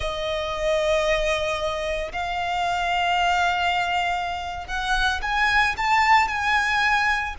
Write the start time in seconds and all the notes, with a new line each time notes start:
0.00 D#5
2.12 F5
4.67 F#5
5.22 G#5
5.77 A5
6.28 G#5